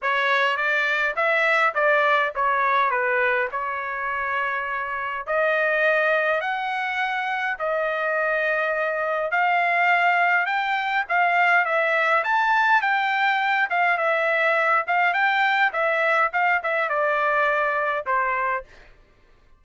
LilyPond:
\new Staff \with { instrumentName = "trumpet" } { \time 4/4 \tempo 4 = 103 cis''4 d''4 e''4 d''4 | cis''4 b'4 cis''2~ | cis''4 dis''2 fis''4~ | fis''4 dis''2. |
f''2 g''4 f''4 | e''4 a''4 g''4. f''8 | e''4. f''8 g''4 e''4 | f''8 e''8 d''2 c''4 | }